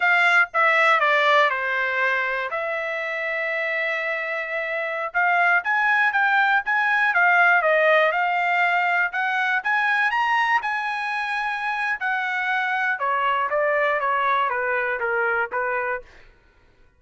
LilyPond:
\new Staff \with { instrumentName = "trumpet" } { \time 4/4 \tempo 4 = 120 f''4 e''4 d''4 c''4~ | c''4 e''2.~ | e''2~ e''16 f''4 gis''8.~ | gis''16 g''4 gis''4 f''4 dis''8.~ |
dis''16 f''2 fis''4 gis''8.~ | gis''16 ais''4 gis''2~ gis''8. | fis''2 cis''4 d''4 | cis''4 b'4 ais'4 b'4 | }